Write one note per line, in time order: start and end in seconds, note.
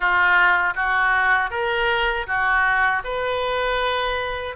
0.00 0.74 F4
0.75 1.50 F#4
1.50 2.26 A#4
2.26 3.02 F#4
3.04 4.56 B4